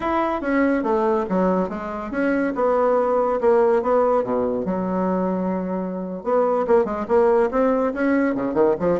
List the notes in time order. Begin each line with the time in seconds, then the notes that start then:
0.00 E4
0.41 C#4
0.83 A3
1.29 F#3
1.69 G#3
2.11 C#4
2.55 B3
3.41 A#3
3.82 B3
4.23 B2
4.65 F#3
6.23 B3
6.67 A#3
6.84 G#3
7.08 A#3
7.51 C4
7.93 C#4
8.34 C#3
8.54 D#3
8.79 F3